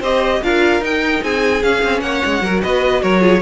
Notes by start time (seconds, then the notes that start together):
0.00 C4 G4 C5 D#5
0.43 D4 F4 A#4 F5
0.80 D#4 G5
1.23 C4 G#4 G#5
1.63 C#4 F5
1.83 C4
2.00 A#3 C#5 F#5
2.25 G#3
2.41 F#3 F#4 A#4
2.62 B3 B4 D#5
3.02 F#3 A#4 C#5
3.20 F4 G#4